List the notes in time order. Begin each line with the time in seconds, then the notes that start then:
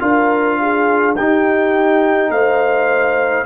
0.00 D4 F4 A#4 F5
0.61 G#4
1.16 D#4 G4 G5
2.30 A3 C5 F5